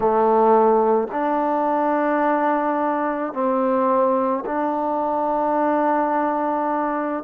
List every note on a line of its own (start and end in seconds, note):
0.00 1.08 A3
1.11 3.33 D4
3.33 4.44 C4
4.45 7.23 D4